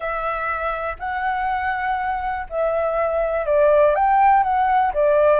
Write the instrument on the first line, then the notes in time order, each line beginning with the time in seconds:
flute
0.00 E5
0.99 F#5
2.49 E5
3.46 D5
3.95 G5
4.43 F#5
4.93 D5